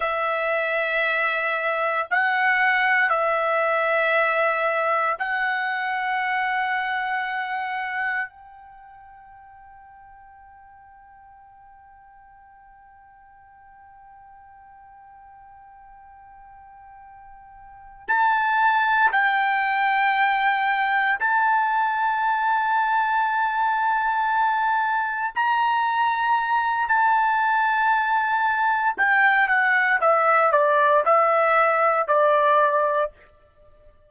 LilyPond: \new Staff \with { instrumentName = "trumpet" } { \time 4/4 \tempo 4 = 58 e''2 fis''4 e''4~ | e''4 fis''2. | g''1~ | g''1~ |
g''4. a''4 g''4.~ | g''8 a''2.~ a''8~ | a''8 ais''4. a''2 | g''8 fis''8 e''8 d''8 e''4 d''4 | }